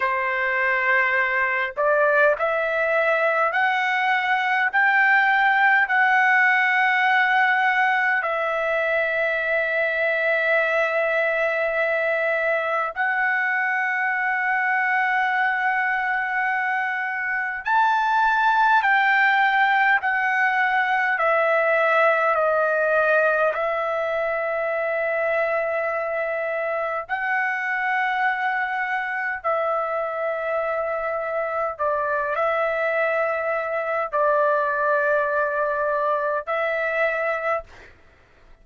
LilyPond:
\new Staff \with { instrumentName = "trumpet" } { \time 4/4 \tempo 4 = 51 c''4. d''8 e''4 fis''4 | g''4 fis''2 e''4~ | e''2. fis''4~ | fis''2. a''4 |
g''4 fis''4 e''4 dis''4 | e''2. fis''4~ | fis''4 e''2 d''8 e''8~ | e''4 d''2 e''4 | }